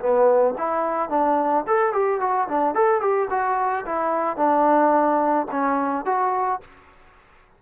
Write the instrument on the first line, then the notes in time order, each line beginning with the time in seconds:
trombone
0.00 B3
0.58 E4
1.10 D4
1.67 A4
1.93 G4
2.20 F#4
2.48 D4
2.75 A4
3.01 G4
3.30 F#4
3.86 E4
4.37 D4
5.51 C#4
6.06 F#4